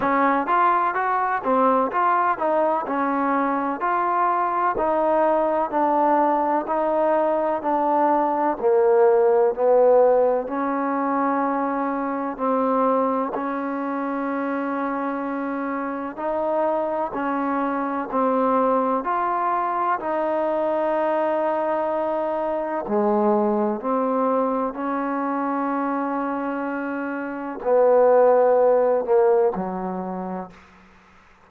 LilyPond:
\new Staff \with { instrumentName = "trombone" } { \time 4/4 \tempo 4 = 63 cis'8 f'8 fis'8 c'8 f'8 dis'8 cis'4 | f'4 dis'4 d'4 dis'4 | d'4 ais4 b4 cis'4~ | cis'4 c'4 cis'2~ |
cis'4 dis'4 cis'4 c'4 | f'4 dis'2. | gis4 c'4 cis'2~ | cis'4 b4. ais8 fis4 | }